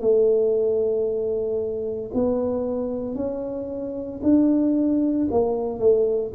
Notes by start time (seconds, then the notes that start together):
0.00 A3
2.14 B3
3.15 C#4
4.22 D4
5.31 A#3
5.79 A3